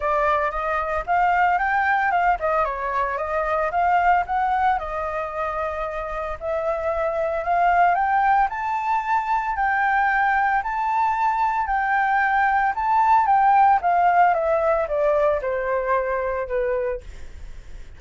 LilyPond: \new Staff \with { instrumentName = "flute" } { \time 4/4 \tempo 4 = 113 d''4 dis''4 f''4 g''4 | f''8 dis''8 cis''4 dis''4 f''4 | fis''4 dis''2. | e''2 f''4 g''4 |
a''2 g''2 | a''2 g''2 | a''4 g''4 f''4 e''4 | d''4 c''2 b'4 | }